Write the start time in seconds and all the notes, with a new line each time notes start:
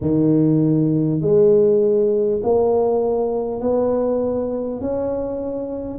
0.01 D#3
1.21 G#3
2.43 A#3
3.60 B3
4.81 C#4